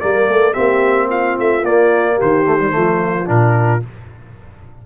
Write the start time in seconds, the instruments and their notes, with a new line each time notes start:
0.00 tuba G3, trombone A#3, horn A#4, trumpet D5
0.29 tuba A3, horn A4
0.53 tuba A#3, trombone C4, horn G4, trumpet E5
1.10 horn F4, trumpet F5
1.39 tuba A3, trumpet E5
1.64 tuba A#3, trombone A#3, trumpet D5
2.15 horn G4
2.22 tuba D#3, trumpet C5
2.46 trombone A3
2.60 trombone G3
2.71 tuba F3, trombone A3
2.77 horn F4
3.26 tuba A#2, trombone D4, trumpet A#4